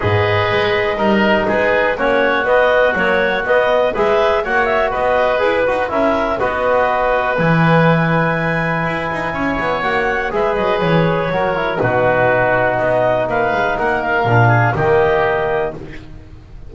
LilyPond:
<<
  \new Staff \with { instrumentName = "clarinet" } { \time 4/4 \tempo 4 = 122 dis''2. b'4 | cis''4 dis''4 cis''4 dis''4 | e''4 fis''8 e''8 dis''4 b'4 | e''4 dis''2 gis''4~ |
gis''1 | fis''4 e''8 dis''8 cis''2 | b'2 dis''4 f''4 | fis''8 f''4. dis''2 | }
  \new Staff \with { instrumentName = "oboe" } { \time 4/4 b'2 ais'4 gis'4 | fis'1 | b'4 cis''4 b'2 | ais'4 b'2.~ |
b'2. cis''4~ | cis''4 b'2 ais'4 | fis'2. b'4 | ais'4. gis'8 g'2 | }
  \new Staff \with { instrumentName = "trombone" } { \time 4/4 gis'2 dis'2 | cis'4 b4 fis4 b4 | gis'4 fis'2 gis'8 fis'8 | e'4 fis'2 e'4~ |
e'1 | fis'4 gis'2 fis'8 e'8 | dis'1~ | dis'4 d'4 ais2 | }
  \new Staff \with { instrumentName = "double bass" } { \time 4/4 gis,4 gis4 g4 gis4 | ais4 b4 ais4 b4 | gis4 ais4 b4 e'8 dis'8 | cis'4 b2 e4~ |
e2 e'8 dis'8 cis'8 b8 | ais4 gis8 fis8 e4 fis4 | b,2 b4 ais8 gis8 | ais4 ais,4 dis2 | }
>>